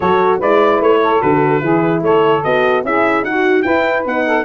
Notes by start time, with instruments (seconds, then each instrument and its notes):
0.00 tuba F#3, horn F#4, saxophone A4, trumpet C#5
0.38 tuba G#3, horn E4, saxophone B4, trumpet D5
0.81 tuba A3, trumpet C#5
1.02 saxophone A4
1.20 tuba D3, horn F#4, trumpet B4
1.60 tuba E3, horn E4, saxophone G#4
2.01 tuba A3, saxophone A4, trumpet C#5
2.43 tuba B3, horn F#4, trumpet D#5
2.83 tuba C#4, horn E4, saxophone G#4, trumpet E5
3.22 tuba D#4, horn F#4, saxophone F#4, trumpet F#5
3.62 horn E4, tuba E4, saxophone B4, trumpet G5
4.05 tuba B3, horn D#4, trumpet F#5
4.26 saxophone A4